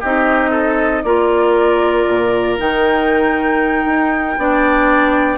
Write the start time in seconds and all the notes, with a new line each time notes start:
0.00 C4 D#4 G4 D#5
0.50 A4
1.03 A#3 F4 A#4 D5
2.08 A#2
2.57 D#3 D#4 G5
3.85 D#4
4.38 B3 D4 D5